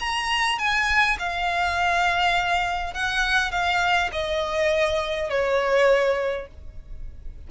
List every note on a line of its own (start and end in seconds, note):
0.00 0.59 A#5
0.59 1.17 G#5
1.19 2.94 F5
2.94 3.52 F#5
3.52 4.10 F5
4.13 5.30 D#5
5.30 6.48 C#5